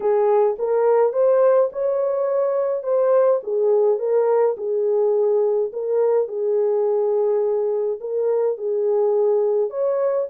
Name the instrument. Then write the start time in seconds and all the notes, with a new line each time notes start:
horn
0.00 G#4
0.58 A#4
1.12 C5
1.72 C#5
2.83 C5
3.43 G#4
3.98 A#4
4.57 G#4
5.72 A#4
6.28 G#4
8.00 A#4
8.57 G#4
9.70 C#5